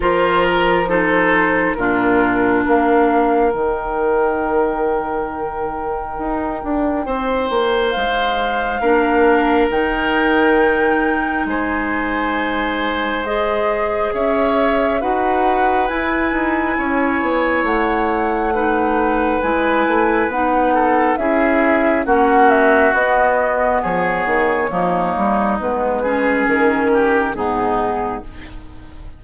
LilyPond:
<<
  \new Staff \with { instrumentName = "flute" } { \time 4/4 \tempo 4 = 68 c''8 ais'8 c''4 ais'4 f''4 | g''1~ | g''4 f''2 g''4~ | g''4 gis''2 dis''4 |
e''4 fis''4 gis''2 | fis''2 gis''4 fis''4 | e''4 fis''8 e''8 dis''4 cis''4~ | cis''4 b'4 ais'4 gis'4 | }
  \new Staff \with { instrumentName = "oboe" } { \time 4/4 ais'4 a'4 f'4 ais'4~ | ais'1 | c''2 ais'2~ | ais'4 c''2. |
cis''4 b'2 cis''4~ | cis''4 b'2~ b'8 a'8 | gis'4 fis'2 gis'4 | dis'4. gis'4 g'8 dis'4 | }
  \new Staff \with { instrumentName = "clarinet" } { \time 4/4 f'4 dis'4 d'2 | dis'1~ | dis'2 d'4 dis'4~ | dis'2. gis'4~ |
gis'4 fis'4 e'2~ | e'4 dis'4 e'4 dis'4 | e'4 cis'4 b2 | ais4 b8 cis'4. b4 | }
  \new Staff \with { instrumentName = "bassoon" } { \time 4/4 f2 ais,4 ais4 | dis2. dis'8 d'8 | c'8 ais8 gis4 ais4 dis4~ | dis4 gis2. |
cis'4 dis'4 e'8 dis'8 cis'8 b8 | a2 gis8 a8 b4 | cis'4 ais4 b4 f8 dis8 | f8 g8 gis4 dis4 gis,4 | }
>>